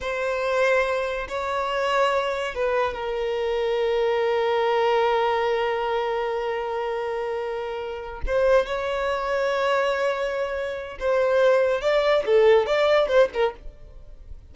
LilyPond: \new Staff \with { instrumentName = "violin" } { \time 4/4 \tempo 4 = 142 c''2. cis''4~ | cis''2 b'4 ais'4~ | ais'1~ | ais'1~ |
ais'2.~ ais'8 c''8~ | c''8 cis''2.~ cis''8~ | cis''2 c''2 | d''4 a'4 d''4 c''8 ais'8 | }